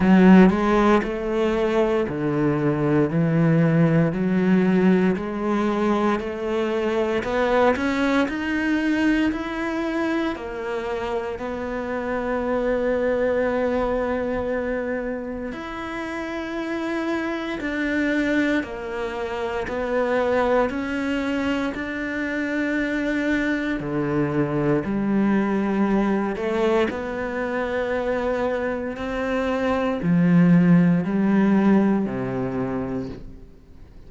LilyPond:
\new Staff \with { instrumentName = "cello" } { \time 4/4 \tempo 4 = 58 fis8 gis8 a4 d4 e4 | fis4 gis4 a4 b8 cis'8 | dis'4 e'4 ais4 b4~ | b2. e'4~ |
e'4 d'4 ais4 b4 | cis'4 d'2 d4 | g4. a8 b2 | c'4 f4 g4 c4 | }